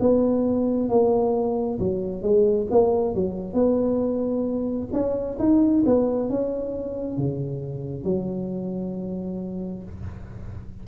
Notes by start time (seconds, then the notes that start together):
0.00 B3
0.89 A#3
1.79 F#3
2.22 G#3
2.71 A#3
3.15 F#3
3.53 B3
4.93 C#4
5.39 D#4
5.86 B3
6.29 C#4
7.18 C#3
8.04 F#3